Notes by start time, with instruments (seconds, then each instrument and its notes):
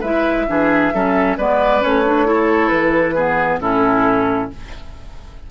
0.00 bassoon G#3, clarinet E4, oboe B4, flute E5
0.47 bassoon E3, clarinet D4, oboe G#4
0.93 bassoon F#3, clarinet C#4, oboe A4
1.37 bassoon G#3, clarinet B3, oboe B4, flute D5
1.81 bassoon A3, clarinet C#4, flute C#5
2.05 clarinet D4
2.26 clarinet E4, oboe A4
2.68 bassoon E3, flute B4
3.14 clarinet B3, oboe G#4
3.59 bassoon A2, clarinet C#4, oboe E4, flute A4